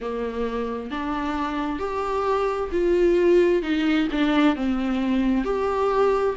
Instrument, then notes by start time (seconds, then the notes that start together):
viola
0.00 A#3
0.90 D4
1.79 G4
2.72 F4
3.62 D#4
4.12 D4
4.55 C4
5.44 G4